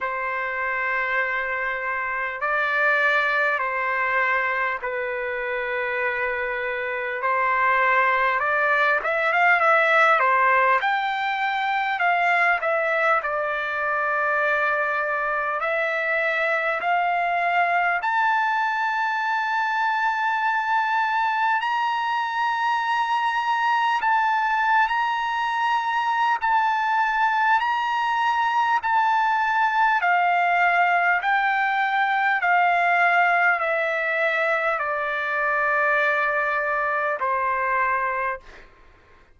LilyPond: \new Staff \with { instrumentName = "trumpet" } { \time 4/4 \tempo 4 = 50 c''2 d''4 c''4 | b'2 c''4 d''8 e''16 f''16 | e''8 c''8 g''4 f''8 e''8 d''4~ | d''4 e''4 f''4 a''4~ |
a''2 ais''2 | a''8. ais''4~ ais''16 a''4 ais''4 | a''4 f''4 g''4 f''4 | e''4 d''2 c''4 | }